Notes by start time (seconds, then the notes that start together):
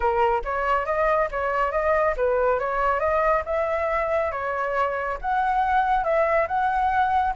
0.00 A#4
0.44 C#5
0.85 D#5
1.31 C#5
1.71 D#5
2.17 B4
2.59 C#5
2.99 D#5
3.45 E5
4.31 C#5
5.21 F#5
6.03 E5
6.47 F#5